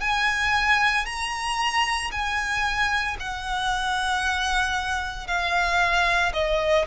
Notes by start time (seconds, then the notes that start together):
0.00 G#5
1.05 A#5
2.11 G#5
3.19 F#5
5.27 F5
6.33 D#5